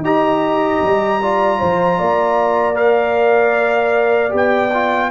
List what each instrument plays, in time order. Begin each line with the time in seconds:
0.00 tuba D#4, trombone G4, horn D#5, trumpet A#5
0.82 tuba G3
1.22 trombone F4, horn D5
1.59 tuba F3, horn C5
1.98 tuba A#3, horn D5
2.74 trombone A#4, trumpet F5
4.29 tuba B3, trombone G4
4.37 trumpet G5
4.73 trombone F4